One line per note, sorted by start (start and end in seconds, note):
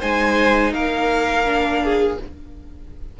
0.00 0.73 G#3
0.00 1.45 D#4
0.00 0.72 C5
0.00 0.74 G#5
0.73 2.18 A#3
0.73 1.83 A#4
0.73 2.18 F5
1.45 2.17 D4
1.84 2.20 G#4